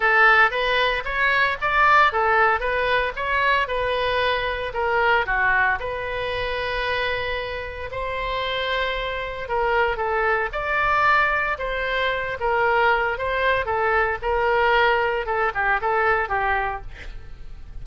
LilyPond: \new Staff \with { instrumentName = "oboe" } { \time 4/4 \tempo 4 = 114 a'4 b'4 cis''4 d''4 | a'4 b'4 cis''4 b'4~ | b'4 ais'4 fis'4 b'4~ | b'2. c''4~ |
c''2 ais'4 a'4 | d''2 c''4. ais'8~ | ais'4 c''4 a'4 ais'4~ | ais'4 a'8 g'8 a'4 g'4 | }